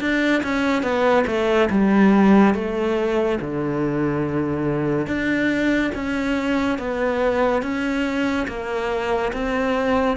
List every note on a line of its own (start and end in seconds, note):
0.00 0.42 D4
0.43 0.82 C#4
0.82 1.24 B3
1.27 1.69 A3
1.70 2.54 G3
2.54 3.38 A3
3.40 5.06 D3
5.06 5.91 D4
5.94 6.78 C#4
6.78 7.62 B3
7.62 8.47 C#4
8.47 9.32 A#3
9.32 10.16 C4